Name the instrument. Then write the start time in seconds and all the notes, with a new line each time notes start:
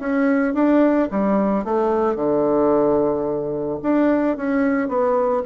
bassoon
0.00 C#4
0.54 D4
1.11 G3
1.65 A3
2.16 D3
3.83 D4
4.37 C#4
4.89 B3